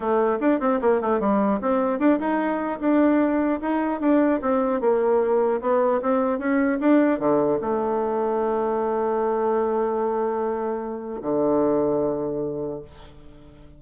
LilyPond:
\new Staff \with { instrumentName = "bassoon" } { \time 4/4 \tempo 4 = 150 a4 d'8 c'8 ais8 a8 g4 | c'4 d'8 dis'4. d'4~ | d'4 dis'4 d'4 c'4 | ais2 b4 c'4 |
cis'4 d'4 d4 a4~ | a1~ | a1 | d1 | }